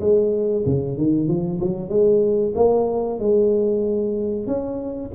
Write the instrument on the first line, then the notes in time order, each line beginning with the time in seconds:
tuba
0.00 G#3
0.66 C#3
0.97 D#3
1.28 F3
1.60 F#3
1.89 G#3
2.55 A#3
3.19 G#3
4.47 C#4